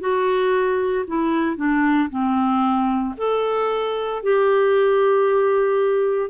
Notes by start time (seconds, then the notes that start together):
0.00 F#4
1.07 E4
1.56 D4
2.10 C4
3.17 A4
4.22 G4